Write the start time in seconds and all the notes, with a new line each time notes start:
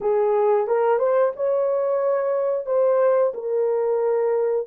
0.00 G#4
0.67 A#4
0.98 C5
1.35 C#5
2.66 C5
3.34 A#4